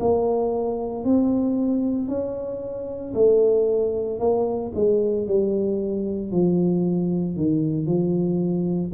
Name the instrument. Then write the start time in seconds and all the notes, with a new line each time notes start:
tuba
0.00 A#3
1.05 C4
2.08 C#4
3.14 A3
4.20 A#3
4.75 G#3
5.28 G3
6.32 F3
7.37 D#3
7.87 F3